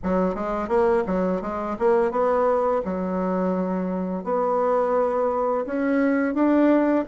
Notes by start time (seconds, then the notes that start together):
0.03 F#3
0.34 G#3
0.68 A#3
1.06 F#3
1.41 G#3
1.78 A#3
2.11 B3
2.84 F#3
4.24 B3
5.66 C#4
6.34 D4